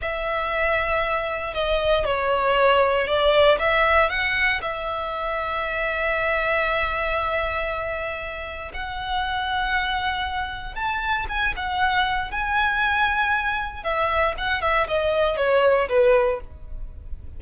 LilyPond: \new Staff \with { instrumentName = "violin" } { \time 4/4 \tempo 4 = 117 e''2. dis''4 | cis''2 d''4 e''4 | fis''4 e''2.~ | e''1~ |
e''4 fis''2.~ | fis''4 a''4 gis''8 fis''4. | gis''2. e''4 | fis''8 e''8 dis''4 cis''4 b'4 | }